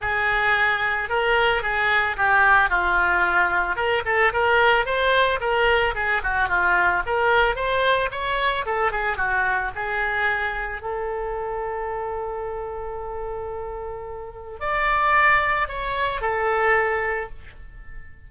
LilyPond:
\new Staff \with { instrumentName = "oboe" } { \time 4/4 \tempo 4 = 111 gis'2 ais'4 gis'4 | g'4 f'2 ais'8 a'8 | ais'4 c''4 ais'4 gis'8 fis'8 | f'4 ais'4 c''4 cis''4 |
a'8 gis'8 fis'4 gis'2 | a'1~ | a'2. d''4~ | d''4 cis''4 a'2 | }